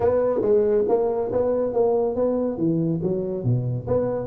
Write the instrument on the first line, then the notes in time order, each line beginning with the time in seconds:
tuba
0.00 B3
0.41 G#3
0.88 A#3
1.32 B3
1.73 A#3
2.15 B3
2.57 E3
3.02 F#3
3.44 B2
3.87 B3